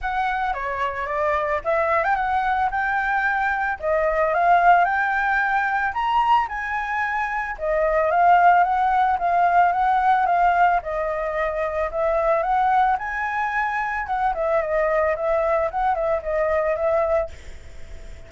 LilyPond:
\new Staff \with { instrumentName = "flute" } { \time 4/4 \tempo 4 = 111 fis''4 cis''4 d''4 e''8. g''16 | fis''4 g''2 dis''4 | f''4 g''2 ais''4 | gis''2 dis''4 f''4 |
fis''4 f''4 fis''4 f''4 | dis''2 e''4 fis''4 | gis''2 fis''8 e''8 dis''4 | e''4 fis''8 e''8 dis''4 e''4 | }